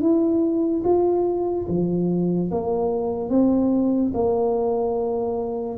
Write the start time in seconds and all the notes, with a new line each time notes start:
0.00 E4
0.84 F4
1.68 F3
2.51 A#3
3.29 C4
4.13 A#3